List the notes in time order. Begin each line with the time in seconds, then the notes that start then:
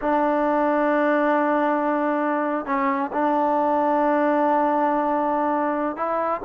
0.01 D4
2.65 C#4
3.12 D4
5.96 E4